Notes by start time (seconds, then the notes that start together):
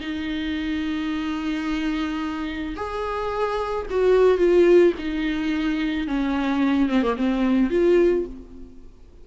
0.00 D#4
2.76 G#4
3.90 F#4
4.38 F4
4.98 D#4
6.07 C#4
6.89 C4
7.02 A#3
7.17 C4
7.70 F4